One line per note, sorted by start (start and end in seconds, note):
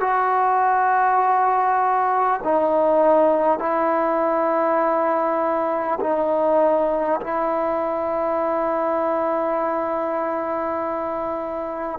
0.00 2.40 F#4
2.43 3.59 D#4
3.59 5.99 E4
6.00 7.20 D#4
7.21 11.99 E4